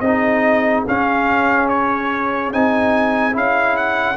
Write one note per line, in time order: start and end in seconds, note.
0.00 0.84 C4
0.00 0.87 D#4
0.00 4.17 G#4
0.00 0.83 D#5
0.87 2.53 C#4
0.87 1.69 F5
1.69 2.52 C#5
2.53 3.36 C4
2.53 3.32 D#4
2.53 3.36 G#5
3.32 4.17 C#4
3.32 4.15 E4
3.32 3.76 F5
3.76 4.17 F#5